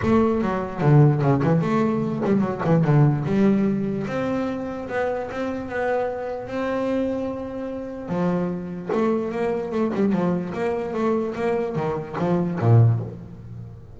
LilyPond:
\new Staff \with { instrumentName = "double bass" } { \time 4/4 \tempo 4 = 148 a4 fis4 d4 cis8 e8 | a4. g8 fis8 e8 d4 | g2 c'2 | b4 c'4 b2 |
c'1 | f2 a4 ais4 | a8 g8 f4 ais4 a4 | ais4 dis4 f4 ais,4 | }